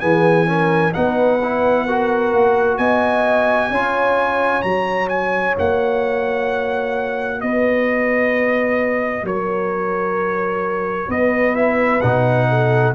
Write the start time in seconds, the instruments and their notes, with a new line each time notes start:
0.00 tuba E3, trombone B3, horn G#4, trumpet G#5
0.46 trombone C#4, horn A#4
0.93 tuba B3, trombone D#4, horn B4, trumpet F#5
1.42 trombone E4
1.86 trombone F#4, horn A#4
2.33 tuba A#3
2.77 tuba B3, horn D#5, trumpet G#5
3.70 tuba C#4, trombone F4, horn C#5
4.62 tuba F#3, trombone F#4, trumpet A#5
5.09 trumpet G#5
5.59 tuba A#3, trumpet F#5
7.41 tuba B3, horn B4, trumpet D#5
9.23 tuba F#3, horn A#4, trumpet C#5
11.08 tuba B3, horn B4, trumpet D#5
11.55 trombone E4, trumpet E5
12.01 tuba B2, trombone D#4, trumpet F#5
12.49 horn A4